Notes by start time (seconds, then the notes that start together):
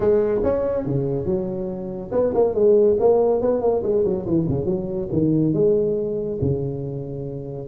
0.00 G#3
0.43 C#4
0.85 C#3
1.25 F#3
2.11 B3
2.34 A#3
2.54 G#3
2.99 A#3
3.41 B3
3.61 A#3
3.82 G#3
4.04 F#3
4.26 E3
4.48 C#3
4.65 F#3
5.12 D#3
5.53 G#3
6.41 C#3